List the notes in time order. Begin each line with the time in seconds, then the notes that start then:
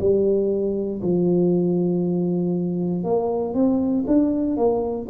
0.00 G3
1.02 F3
3.04 A#3
3.54 C4
4.07 D4
4.57 A#3